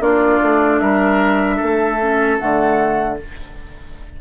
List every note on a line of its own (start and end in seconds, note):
0.00 0.39 A#3
0.00 1.97 D4
0.00 0.81 F4
0.00 0.80 D5
0.42 0.82 A3
0.80 1.61 G3
0.80 1.57 A#4
0.80 2.37 E5
1.57 2.41 A3
1.57 3.14 A4
2.02 2.39 C#4
2.39 3.21 D3
2.39 3.18 A3
2.39 3.18 F#5